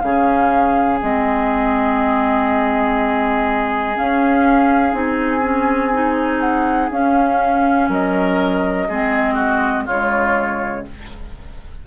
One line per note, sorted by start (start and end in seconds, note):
0.00 1.01 C#3
0.00 1.00 C#4
0.00 7.89 G#4
0.00 0.98 F5
1.00 3.98 G#3
1.00 3.95 C4
1.00 3.97 D#5
3.95 4.92 C#4
3.95 4.93 C#4
3.95 4.95 F5
4.92 6.90 C4
4.92 5.41 D#4
4.92 6.40 G#5
5.42 5.91 C#4
5.92 6.91 D#4
6.40 6.89 F#5
6.90 7.89 C#4
6.90 8.88 C#4
6.90 7.90 F5
7.89 8.87 F#3
7.89 8.88 A#4
7.89 9.87 D#5
8.88 9.87 G#3
8.88 9.88 C4
8.88 9.34 G#4
9.34 9.83 F#4
9.86 10.86 C#3
9.86 10.87 G#3
9.86 10.84 F4
9.86 10.85 C#5